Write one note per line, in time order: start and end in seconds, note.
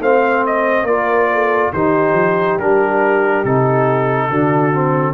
0.00 0.83 A3
0.00 0.88 C4
0.00 0.86 C5
0.00 0.46 F5
0.46 0.86 D#5
0.83 1.69 A#3
0.83 1.74 F4
0.83 1.29 A#4
0.83 1.72 D5
1.33 1.74 A4
1.73 2.13 D#3
1.73 2.60 D#4
1.73 4.30 G4
1.73 2.59 C5
2.13 2.56 F3
2.58 3.44 G3
2.58 3.46 D4
2.58 3.45 A#4
3.45 4.29 C3
3.45 4.31 D#4
3.45 5.14 A4
4.29 5.14 D3
4.29 4.73 D4
4.29 5.14 F#4
4.73 5.14 C4